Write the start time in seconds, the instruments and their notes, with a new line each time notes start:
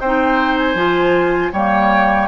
0.00 bassoon C4, clarinet D#4, oboe C5, flute G5
0.57 flute G#5
0.74 bassoon F3, clarinet F4
1.52 bassoon G3, clarinet A#3, oboe C#5, flute G5